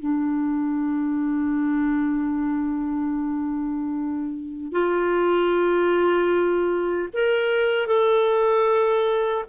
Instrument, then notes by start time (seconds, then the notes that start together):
clarinet
0.00 D4
4.72 F4
7.13 A#4
7.87 A4